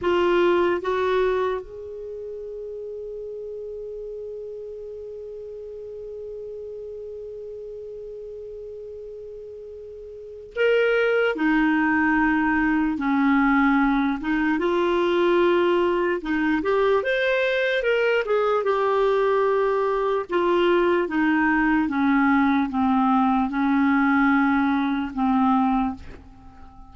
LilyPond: \new Staff \with { instrumentName = "clarinet" } { \time 4/4 \tempo 4 = 74 f'4 fis'4 gis'2~ | gis'1~ | gis'1~ | gis'4 ais'4 dis'2 |
cis'4. dis'8 f'2 | dis'8 g'8 c''4 ais'8 gis'8 g'4~ | g'4 f'4 dis'4 cis'4 | c'4 cis'2 c'4 | }